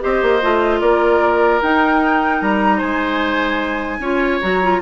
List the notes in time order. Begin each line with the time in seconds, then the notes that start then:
0.00 C4 G4 C5 D#5
0.22 A#3
0.42 A3 F4
0.80 A#3 A#4 D5
1.61 D#4 G5
2.41 G3 A#5
2.77 G#3 C5 G#5
3.99 C#4 F4 C#5
4.41 F#3 F#4 A#5
4.62 F4